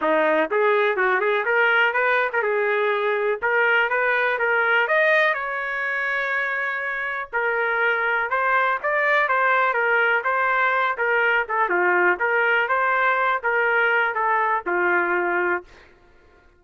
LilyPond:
\new Staff \with { instrumentName = "trumpet" } { \time 4/4 \tempo 4 = 123 dis'4 gis'4 fis'8 gis'8 ais'4 | b'8. ais'16 gis'2 ais'4 | b'4 ais'4 dis''4 cis''4~ | cis''2. ais'4~ |
ais'4 c''4 d''4 c''4 | ais'4 c''4. ais'4 a'8 | f'4 ais'4 c''4. ais'8~ | ais'4 a'4 f'2 | }